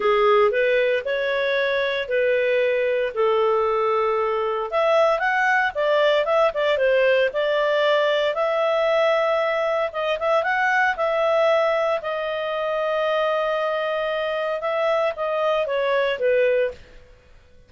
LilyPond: \new Staff \with { instrumentName = "clarinet" } { \time 4/4 \tempo 4 = 115 gis'4 b'4 cis''2 | b'2 a'2~ | a'4 e''4 fis''4 d''4 | e''8 d''8 c''4 d''2 |
e''2. dis''8 e''8 | fis''4 e''2 dis''4~ | dis''1 | e''4 dis''4 cis''4 b'4 | }